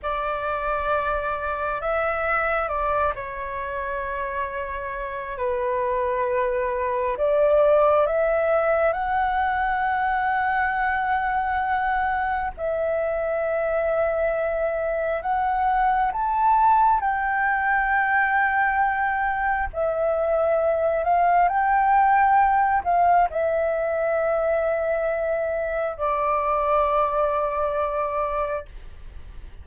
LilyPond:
\new Staff \with { instrumentName = "flute" } { \time 4/4 \tempo 4 = 67 d''2 e''4 d''8 cis''8~ | cis''2 b'2 | d''4 e''4 fis''2~ | fis''2 e''2~ |
e''4 fis''4 a''4 g''4~ | g''2 e''4. f''8 | g''4. f''8 e''2~ | e''4 d''2. | }